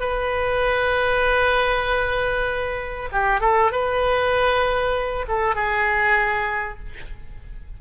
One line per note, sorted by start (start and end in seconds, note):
0.00 3.09 B4
3.12 3.40 G4
3.40 3.71 A4
3.71 5.26 B4
5.28 5.55 A4
5.55 6.79 G#4